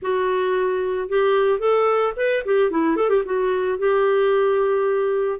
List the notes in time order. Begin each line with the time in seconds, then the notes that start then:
0.02 F#4
1.08 G4
1.59 A4
2.16 B4
2.45 G4
2.71 E4
2.96 A4
3.09 G4
3.25 F#4
3.78 G4